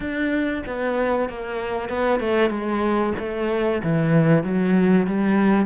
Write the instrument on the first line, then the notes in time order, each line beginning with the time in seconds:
cello
0.00 D4
0.66 B3
1.29 A#3
1.89 B3
2.20 A3
2.49 G#3
3.18 A3
3.83 E3
4.43 F#3
5.06 G3